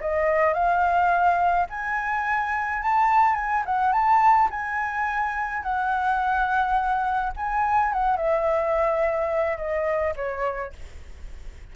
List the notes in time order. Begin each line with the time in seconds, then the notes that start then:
0.00 D#5
0.54 F5
1.69 G#5
2.82 A5
3.35 G#5
3.65 F#5
3.92 A5
4.50 G#5
5.62 F#5
7.36 G#5
7.92 F#5
8.17 E5
9.57 D#5
10.16 C#5